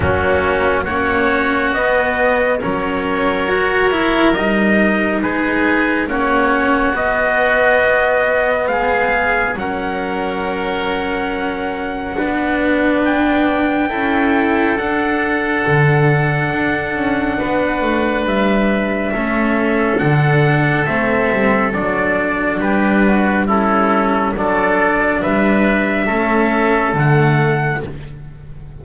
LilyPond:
<<
  \new Staff \with { instrumentName = "trumpet" } { \time 4/4 \tempo 4 = 69 fis'4 cis''4 dis''4 cis''4~ | cis''4 dis''4 b'4 cis''4 | dis''2 f''4 fis''4~ | fis''2. g''4~ |
g''4 fis''2.~ | fis''4 e''2 fis''4 | e''4 d''4 b'4 a'4 | d''4 e''2 fis''4 | }
  \new Staff \with { instrumentName = "oboe" } { \time 4/4 cis'4 fis'2 ais'4~ | ais'2 gis'4 fis'4~ | fis'2 gis'4 ais'4~ | ais'2 b'2 |
a'1 | b'2 a'2~ | a'2 g'8 fis'8 e'4 | a'4 b'4 a'2 | }
  \new Staff \with { instrumentName = "cello" } { \time 4/4 ais4 cis'4 b4 cis'4 | fis'8 e'8 dis'2 cis'4 | b2. cis'4~ | cis'2 d'2 |
e'4 d'2.~ | d'2 cis'4 d'4 | c'4 d'2 cis'4 | d'2 cis'4 a4 | }
  \new Staff \with { instrumentName = "double bass" } { \time 4/4 fis4 ais4 b4 fis4~ | fis4 g4 gis4 ais4 | b2 gis4 fis4~ | fis2 b2 |
cis'4 d'4 d4 d'8 cis'8 | b8 a8 g4 a4 d4 | a8 g8 fis4 g2 | fis4 g4 a4 d4 | }
>>